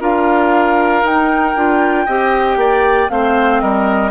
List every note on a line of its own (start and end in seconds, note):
0.00 1.03 D4
0.00 1.03 F4
0.00 2.06 A#4
0.00 1.06 F5
1.03 1.55 D#4
1.03 3.09 G5
1.55 2.07 D4
1.55 2.07 F4
2.06 2.56 C4
2.06 3.09 G4
2.06 2.57 D#5
2.56 3.08 A#3
2.56 3.11 D5
3.09 3.62 A3
3.09 4.11 C4
3.09 3.62 C5
3.09 3.61 F5
3.61 4.11 G3
3.61 4.11 A#4
3.61 4.11 D#5